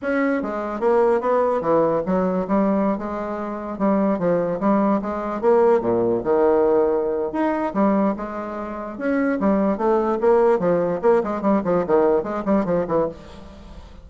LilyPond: \new Staff \with { instrumentName = "bassoon" } { \time 4/4 \tempo 4 = 147 cis'4 gis4 ais4 b4 | e4 fis4 g4~ g16 gis8.~ | gis4~ gis16 g4 f4 g8.~ | g16 gis4 ais4 ais,4 dis8.~ |
dis2 dis'4 g4 | gis2 cis'4 g4 | a4 ais4 f4 ais8 gis8 | g8 f8 dis4 gis8 g8 f8 e8 | }